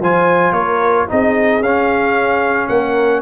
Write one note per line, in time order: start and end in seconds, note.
0.00 0.53 F3
0.00 1.08 F4
0.00 0.54 C5
0.00 0.53 G#5
0.53 1.06 A#3
0.53 1.07 A#4
0.53 1.07 C#5
1.08 1.61 C4
1.08 1.62 D#4
1.08 2.71 G#4
1.08 1.63 D#5
1.61 2.68 C#4
1.61 3.22 C#4
1.61 2.68 F5
2.68 3.22 A#3
2.68 3.22 A#4
2.68 3.22 F#5